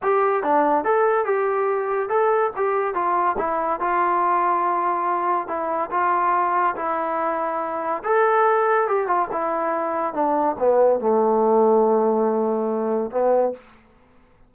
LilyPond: \new Staff \with { instrumentName = "trombone" } { \time 4/4 \tempo 4 = 142 g'4 d'4 a'4 g'4~ | g'4 a'4 g'4 f'4 | e'4 f'2.~ | f'4 e'4 f'2 |
e'2. a'4~ | a'4 g'8 f'8 e'2 | d'4 b4 a2~ | a2. b4 | }